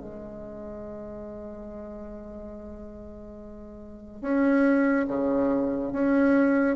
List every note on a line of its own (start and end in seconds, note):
0.00 4.21 G#3
4.21 5.06 C#4
5.08 5.92 C#3
5.92 6.76 C#4